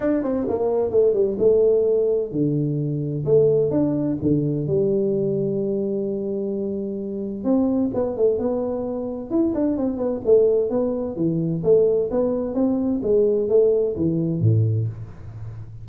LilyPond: \new Staff \with { instrumentName = "tuba" } { \time 4/4 \tempo 4 = 129 d'8 c'8 ais4 a8 g8 a4~ | a4 d2 a4 | d'4 d4 g2~ | g1 |
c'4 b8 a8 b2 | e'8 d'8 c'8 b8 a4 b4 | e4 a4 b4 c'4 | gis4 a4 e4 a,4 | }